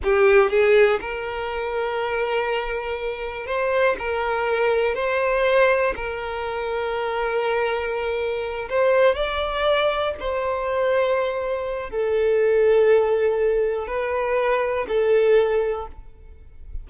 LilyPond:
\new Staff \with { instrumentName = "violin" } { \time 4/4 \tempo 4 = 121 g'4 gis'4 ais'2~ | ais'2. c''4 | ais'2 c''2 | ais'1~ |
ais'4. c''4 d''4.~ | d''8 c''2.~ c''8 | a'1 | b'2 a'2 | }